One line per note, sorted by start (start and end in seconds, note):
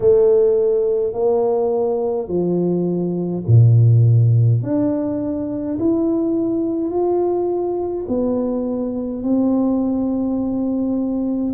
0.00 1.13 A3
1.13 2.28 A#3
2.28 3.43 F3
3.47 4.62 A#2
4.62 5.77 D4
5.79 6.90 E4
6.90 8.05 F4
8.08 9.23 B3
9.23 11.53 C4